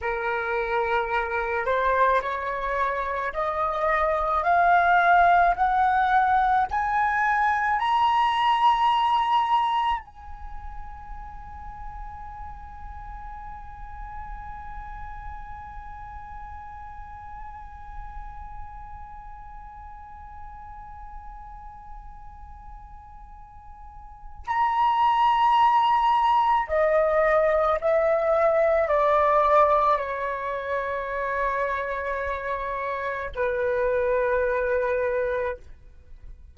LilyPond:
\new Staff \with { instrumentName = "flute" } { \time 4/4 \tempo 4 = 54 ais'4. c''8 cis''4 dis''4 | f''4 fis''4 gis''4 ais''4~ | ais''4 gis''2.~ | gis''1~ |
gis''1~ | gis''2 ais''2 | dis''4 e''4 d''4 cis''4~ | cis''2 b'2 | }